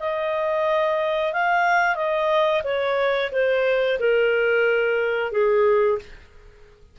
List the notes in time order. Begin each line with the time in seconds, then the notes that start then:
0.00 D#5
1.33 F5
1.96 D#5
2.64 C#5
3.32 C5
4.00 A#4
5.32 G#4